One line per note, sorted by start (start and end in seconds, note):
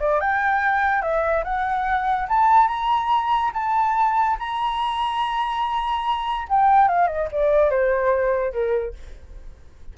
0.00 0.21 D5
0.21 1.02 G5
1.02 1.44 E5
1.44 2.28 F#5
2.29 2.68 A5
2.68 3.51 A#5
3.54 4.37 A5
4.40 6.48 A#5
6.49 6.88 G5
6.88 7.07 F5
7.07 7.28 D#5
7.32 7.71 D5
7.71 8.53 C5
8.53 8.94 A#4